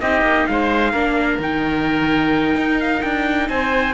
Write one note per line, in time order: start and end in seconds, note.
0.00 0.21 C4
0.00 0.94 D#4
0.00 0.48 G4
0.00 0.46 D#5
0.21 0.44 A#3
0.46 0.93 G#3
0.46 0.92 C5
0.46 1.39 F5
0.92 1.39 A#3
0.92 1.40 D4
0.92 3.47 A#4
1.39 2.55 D#3
1.39 3.94 D#4
1.39 2.80 G5
2.56 3.02 D#4
2.80 3.02 F5
3.02 3.49 D4
3.02 3.48 G5
3.49 3.94 C4
3.49 3.94 C5
3.49 3.94 G#5